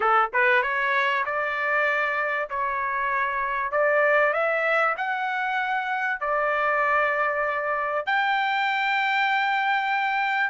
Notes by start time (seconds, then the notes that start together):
0.00 A4
0.33 B4
0.62 C#5
1.25 D5
2.49 C#5
3.71 D5
4.33 E5
4.97 F#5
6.20 D5
8.06 G5